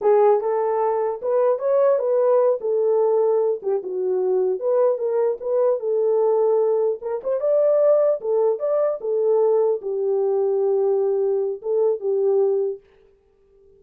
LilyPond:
\new Staff \with { instrumentName = "horn" } { \time 4/4 \tempo 4 = 150 gis'4 a'2 b'4 | cis''4 b'4. a'4.~ | a'4 g'8 fis'2 b'8~ | b'8 ais'4 b'4 a'4.~ |
a'4. ais'8 c''8 d''4.~ | d''8 a'4 d''4 a'4.~ | a'8 g'2.~ g'8~ | g'4 a'4 g'2 | }